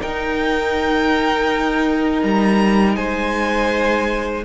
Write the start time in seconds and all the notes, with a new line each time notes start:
0.00 D#4 A#4 G5
2.23 G3 A#5
2.96 G#3 C5 G#5